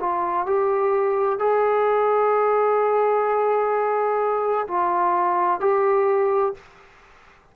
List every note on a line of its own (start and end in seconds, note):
0.00 0.46 F4
0.46 1.39 G4
1.39 4.67 G#4
4.68 5.61 F4
5.61 6.55 G4